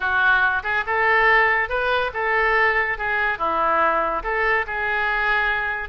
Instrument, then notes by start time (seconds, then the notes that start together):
oboe
0.00 F#4
0.63 G#4
0.86 A4
1.69 B4
2.13 A4
2.98 G#4
3.38 E4
4.23 A4
4.67 G#4